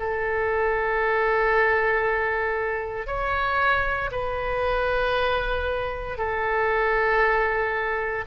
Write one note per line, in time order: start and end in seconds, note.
0.00 3.07 A4
3.07 4.11 C#5
4.12 6.18 B4
6.18 8.25 A4